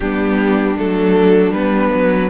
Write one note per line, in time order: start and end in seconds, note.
0.00 0.78 G3
0.00 0.76 B3
0.00 2.29 D4
0.00 0.76 G4
0.76 1.51 F#3
0.76 1.53 A3
0.76 1.53 A4
1.51 1.89 G3
1.51 2.29 B3
1.51 2.29 B4
1.94 2.29 F#3